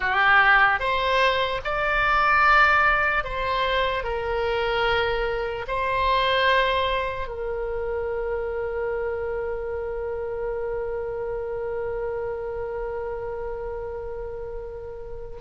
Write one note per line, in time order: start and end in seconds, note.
0.00 0.79 G4
0.79 1.60 C5
1.64 3.24 D5
3.24 4.03 C5
4.03 5.65 A#4
5.67 7.27 C5
7.27 15.38 A#4